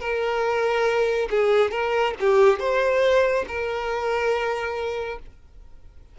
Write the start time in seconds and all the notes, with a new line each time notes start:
0.00 A#4
1.30 G#4
1.71 A#4
2.20 G4
2.59 C5
3.48 A#4